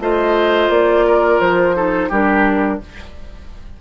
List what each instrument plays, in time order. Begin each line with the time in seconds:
0.00 bassoon A3, clarinet F4, oboe C5, flute D#5
0.69 bassoon A#3, flute D5
1.07 oboe A#4
1.40 bassoon F3, flute C5
1.75 clarinet D#4, oboe A4
2.09 bassoon G3, clarinet D4, oboe G4, flute A#4